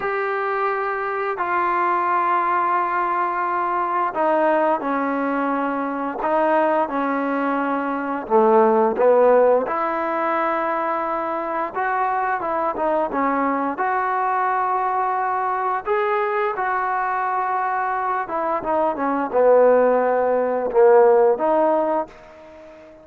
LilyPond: \new Staff \with { instrumentName = "trombone" } { \time 4/4 \tempo 4 = 87 g'2 f'2~ | f'2 dis'4 cis'4~ | cis'4 dis'4 cis'2 | a4 b4 e'2~ |
e'4 fis'4 e'8 dis'8 cis'4 | fis'2. gis'4 | fis'2~ fis'8 e'8 dis'8 cis'8 | b2 ais4 dis'4 | }